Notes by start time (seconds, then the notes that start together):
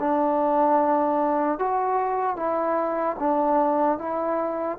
0.00 D4
1.59 F#4
2.37 E4
3.20 D4
3.99 E4